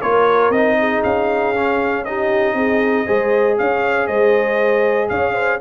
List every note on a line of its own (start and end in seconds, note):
0.00 0.50 A#3
0.00 0.53 F4
0.00 0.76 A#4
0.00 0.51 C#5
0.50 1.01 C4
0.50 1.55 D#4
0.50 1.02 D#5
0.79 2.06 G#4
1.03 2.54 C#4
1.03 2.05 F5
1.55 2.06 C#4
2.05 3.06 D#4
2.05 2.55 G4
2.05 3.57 D#5
2.54 3.05 C4
2.54 3.06 G#4
3.06 3.60 G#3
3.06 5.60 G#4
3.06 3.57 C5
3.58 4.08 C#4
3.58 4.07 C#5
3.58 4.07 F5
4.07 5.10 G#3
4.07 5.09 C5
4.07 5.09 D#5
5.09 5.60 C#4
5.09 5.33 C#5
5.09 5.60 F5
5.33 5.59 C5